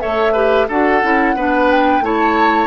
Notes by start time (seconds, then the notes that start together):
0.00 A3 A4 C#5 E5
0.33 G4 B4
0.69 D4 F#4 A4 F#5
1.03 C#4 E4
1.35 B3 D4 B4
1.71 G5
2.01 A3 E4 C#5 A5